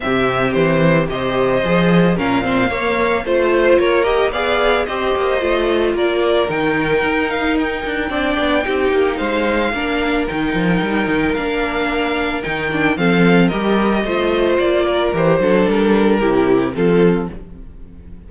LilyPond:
<<
  \new Staff \with { instrumentName = "violin" } { \time 4/4 \tempo 4 = 111 e''4 c''4 dis''2 | f''2 c''4 cis''8 dis''8 | f''4 dis''2 d''4 | g''4. f''8 g''2~ |
g''4 f''2 g''4~ | g''4 f''2 g''4 | f''4 dis''2 d''4 | c''4 ais'2 a'4 | }
  \new Staff \with { instrumentName = "violin" } { \time 4/4 g'2 c''2 | ais'8 c''8 cis''4 c''4 ais'4 | d''4 c''2 ais'4~ | ais'2. d''4 |
g'4 c''4 ais'2~ | ais'1 | a'4 ais'4 c''4. ais'8~ | ais'8 a'4. g'4 f'4 | }
  \new Staff \with { instrumentName = "viola" } { \time 4/4 c'2 g'4 gis'4 | cis'8 c'8 ais4 f'4. g'8 | gis'4 g'4 f'2 | dis'2. d'4 |
dis'2 d'4 dis'4~ | dis'4 d'2 dis'8 d'8 | c'4 g'4 f'2 | g'8 d'4. e'4 c'4 | }
  \new Staff \with { instrumentName = "cello" } { \time 4/4 c4 e4 c4 f4 | ais,4 ais4 a4 ais4 | b4 c'8 ais8 a4 ais4 | dis4 dis'4. d'8 c'8 b8 |
c'8 ais8 gis4 ais4 dis8 f8 | g8 dis8 ais2 dis4 | f4 g4 a4 ais4 | e8 fis8 g4 c4 f4 | }
>>